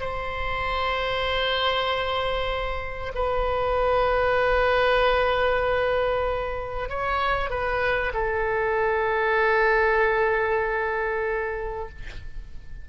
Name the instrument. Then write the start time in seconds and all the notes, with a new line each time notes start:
oboe
0.00 C5
3.15 B4
6.89 C#5
7.50 B4
8.14 A4